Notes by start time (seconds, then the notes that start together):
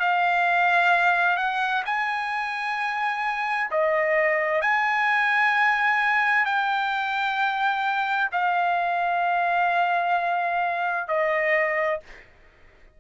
0.00 F5
1.37 F#5
1.86 G#5
3.71 D#5
4.62 G#5
6.46 G5
8.32 F5
11.08 D#5